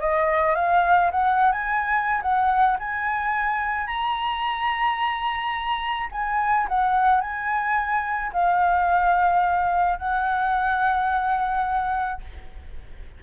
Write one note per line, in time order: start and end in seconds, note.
0.00 0.55 D#5
0.55 1.11 F5
1.11 1.52 F#5
1.52 2.21 G#5
2.22 2.78 F#5
2.79 3.87 G#5
3.87 6.09 A#5
6.12 6.67 G#5
6.68 7.21 F#5
7.21 8.32 G#5
8.33 9.98 F5
9.98 12.21 F#5